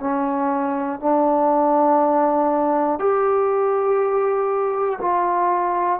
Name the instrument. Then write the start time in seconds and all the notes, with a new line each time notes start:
trombone
0.00 C#4
1.00 D4
3.00 G4
5.01 F4